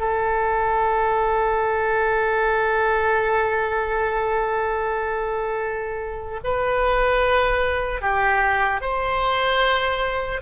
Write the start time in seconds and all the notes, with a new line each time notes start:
0.00 A4
6.44 B4
8.02 G4
8.81 C5